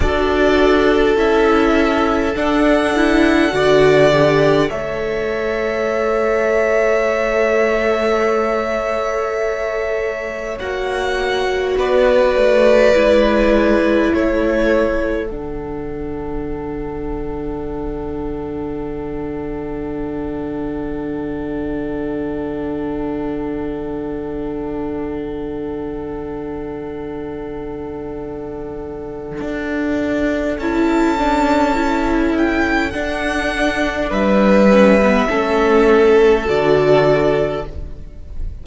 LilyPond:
<<
  \new Staff \with { instrumentName = "violin" } { \time 4/4 \tempo 4 = 51 d''4 e''4 fis''2 | e''1~ | e''4 fis''4 d''2 | cis''4 fis''2.~ |
fis''1~ | fis''1~ | fis''2 a''4. g''8 | fis''4 e''2 d''4 | }
  \new Staff \with { instrumentName = "violin" } { \time 4/4 a'2. d''4 | cis''1~ | cis''2 b'2 | a'1~ |
a'1~ | a'1~ | a'1~ | a'4 b'4 a'2 | }
  \new Staff \with { instrumentName = "viola" } { \time 4/4 fis'4 e'4 d'8 e'8 fis'8 g'8 | a'1~ | a'4 fis'2 e'4~ | e'4 d'2.~ |
d'1~ | d'1~ | d'2 e'8 d'8 e'4 | d'4. cis'16 b16 cis'4 fis'4 | }
  \new Staff \with { instrumentName = "cello" } { \time 4/4 d'4 cis'4 d'4 d4 | a1~ | a4 ais4 b8 a8 gis4 | a4 d2.~ |
d1~ | d1~ | d4 d'4 cis'2 | d'4 g4 a4 d4 | }
>>